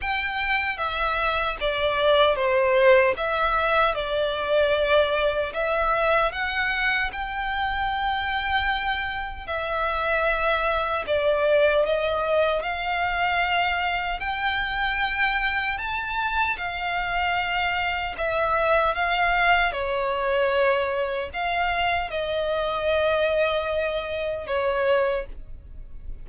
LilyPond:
\new Staff \with { instrumentName = "violin" } { \time 4/4 \tempo 4 = 76 g''4 e''4 d''4 c''4 | e''4 d''2 e''4 | fis''4 g''2. | e''2 d''4 dis''4 |
f''2 g''2 | a''4 f''2 e''4 | f''4 cis''2 f''4 | dis''2. cis''4 | }